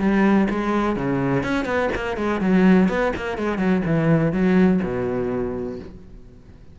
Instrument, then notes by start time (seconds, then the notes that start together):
cello
0.00 G3
0.51 G#3
0.96 C#3
1.44 C#4
1.66 B3
1.96 A#3
2.17 G#3
2.41 F#3
2.89 B3
3.17 A#3
3.38 G#3
3.58 F#3
3.86 E3
4.33 F#3
4.83 B2